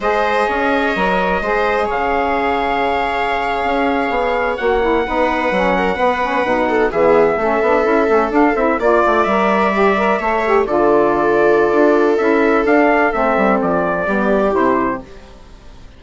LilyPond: <<
  \new Staff \with { instrumentName = "trumpet" } { \time 4/4 \tempo 4 = 128 dis''1 | f''1~ | f''4.~ f''16 fis''2~ fis''16~ | fis''2~ fis''8. e''4~ e''16~ |
e''4.~ e''16 f''8 e''8 d''4 e''16~ | e''2~ e''8. d''4~ d''16~ | d''2 e''4 f''4 | e''4 d''2 c''4 | }
  \new Staff \with { instrumentName = "viola" } { \time 4/4 c''4 cis''2 c''4 | cis''1~ | cis''2~ cis''8. b'4~ b'16~ | b'16 ais'8 b'4. a'8 gis'4 a'16~ |
a'2~ a'8. d''4~ d''16~ | d''4.~ d''16 cis''4 a'4~ a'16~ | a'1~ | a'2 g'2 | }
  \new Staff \with { instrumentName = "saxophone" } { \time 4/4 gis'2 ais'4 gis'4~ | gis'1~ | gis'4.~ gis'16 fis'8 e'8 dis'4 cis'16~ | cis'8. b8 cis'8 dis'4 b4 cis'16~ |
cis'16 d'8 e'8 cis'8 d'8 e'8 f'4 ais'16~ | ais'8. g'8 ais'8 a'8 g'8 f'4~ f'16~ | f'2 e'4 d'4 | c'2 b4 e'4 | }
  \new Staff \with { instrumentName = "bassoon" } { \time 4/4 gis4 cis'4 fis4 gis4 | cis2.~ cis8. cis'16~ | cis'8. b4 ais4 b4 fis16~ | fis8. b4 b,4 e4 a16~ |
a16 b8 cis'8 a8 d'8 c'8 ais8 a8 g16~ | g4.~ g16 a4 d4~ d16~ | d4 d'4 cis'4 d'4 | a8 g8 f4 g4 c4 | }
>>